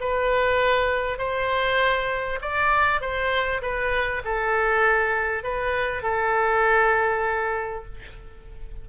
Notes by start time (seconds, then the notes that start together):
0.00 B4
1.18 C5
2.41 D5
3.01 C5
3.61 B4
4.24 A4
5.43 B4
6.02 A4